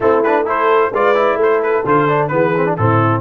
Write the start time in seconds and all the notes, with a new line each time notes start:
0.00 A3 C4 E4 A4
0.23 D4 B4
0.45 E4 A4 C5
0.93 G#3 F4 B4 D5
1.15 E4
1.35 A3 A4
1.42 C5
1.62 B4
1.85 D3 F4 C5
2.08 D4
2.27 E3 B3 G#4 B4
2.56 C4
2.66 D4
2.76 A2 C4 E4 A4